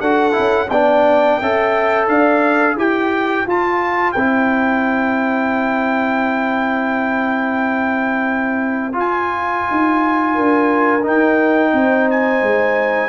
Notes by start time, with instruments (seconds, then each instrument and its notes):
0.00 tuba D4, trombone F#4, horn A4, trumpet F#5
0.32 trombone E4
0.38 tuba C#4
0.70 tuba B3, trombone D4, horn D5, trumpet G5
1.40 tuba C#4, trombone A4, horn E5
2.07 tuba D4, horn D5, trumpet F5
2.76 tuba E4, trombone G4, horn C5, trumpet G5
3.46 tuba F4, trombone F4, trumpet A5
4.12 tuba C4, trombone E4, trumpet G5
8.93 trombone F4, tuba F4
8.99 trumpet G#5
9.70 tuba D#4
10.34 tuba D4, horn A#4
11.03 trombone D#4, tuba D#4, trumpet G5
11.73 tuba C4, horn C5
12.10 trumpet G#5
12.42 tuba G#3